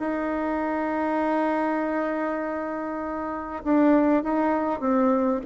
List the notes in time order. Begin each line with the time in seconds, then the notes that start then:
0.00 D#4
3.64 D4
4.23 D#4
4.81 C4